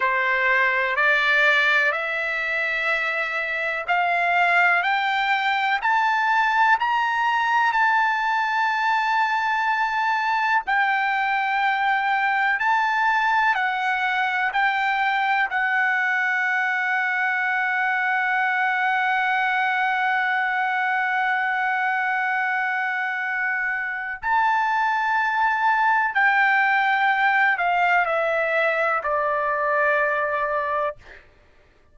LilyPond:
\new Staff \with { instrumentName = "trumpet" } { \time 4/4 \tempo 4 = 62 c''4 d''4 e''2 | f''4 g''4 a''4 ais''4 | a''2. g''4~ | g''4 a''4 fis''4 g''4 |
fis''1~ | fis''1~ | fis''4 a''2 g''4~ | g''8 f''8 e''4 d''2 | }